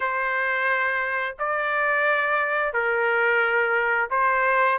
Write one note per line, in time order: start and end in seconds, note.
0.00 1.36 C5
1.38 2.73 D5
2.73 4.09 A#4
4.10 4.78 C5